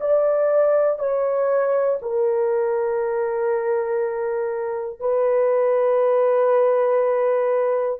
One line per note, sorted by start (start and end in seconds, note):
0.00 0.99 D5
0.99 1.99 C#5
2.01 5.00 A#4
5.00 8.00 B4